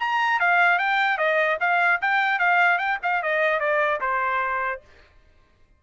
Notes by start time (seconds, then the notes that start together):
0.00 A#5
0.40 F5
0.79 G5
1.18 D#5
1.60 F5
2.02 G5
2.39 F5
2.78 G5
3.03 F5
3.23 D#5
3.60 D5
4.01 C5